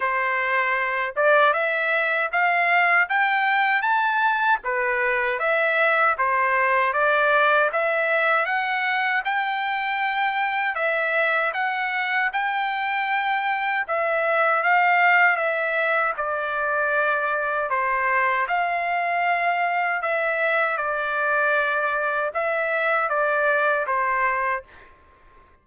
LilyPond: \new Staff \with { instrumentName = "trumpet" } { \time 4/4 \tempo 4 = 78 c''4. d''8 e''4 f''4 | g''4 a''4 b'4 e''4 | c''4 d''4 e''4 fis''4 | g''2 e''4 fis''4 |
g''2 e''4 f''4 | e''4 d''2 c''4 | f''2 e''4 d''4~ | d''4 e''4 d''4 c''4 | }